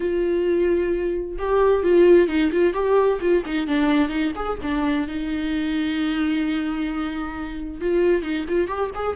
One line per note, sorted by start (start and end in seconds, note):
0.00 1.36 F4
1.38 1.83 G4
1.83 2.28 F4
2.28 2.50 D#4
2.51 2.73 F4
2.73 3.19 G4
3.20 3.43 F4
3.45 3.67 D#4
3.67 4.09 D4
4.09 4.32 D#4
4.35 4.58 G#4
4.62 5.07 D4
5.07 7.80 D#4
7.80 8.22 F4
8.22 8.45 D#4
8.48 8.67 F4
8.67 8.90 G4
8.94 9.16 G#4